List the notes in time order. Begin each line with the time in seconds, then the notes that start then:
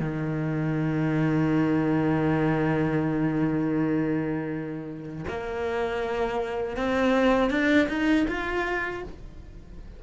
0.00 D#3
5.28 A#3
6.77 C4
7.50 D4
7.89 D#4
8.28 F4